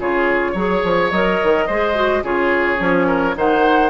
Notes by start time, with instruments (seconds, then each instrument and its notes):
0.00 bassoon C#3, clarinet F4, oboe G#4, flute C#5
0.53 bassoon F#3, clarinet G#4, oboe C#5
0.84 bassoon F3
1.12 bassoon F#3, clarinet A#4, flute D#5
1.44 bassoon D#3
1.67 bassoon G#3, clarinet G#4, oboe C5
1.95 clarinet F#4
2.23 bassoon C#3, clarinet F4, oboe G#4, flute C#5
2.78 bassoon F3, clarinet C#4
3.07 oboe A#4
3.34 bassoon D#3, clarinet D#4, oboe C5, flute F#5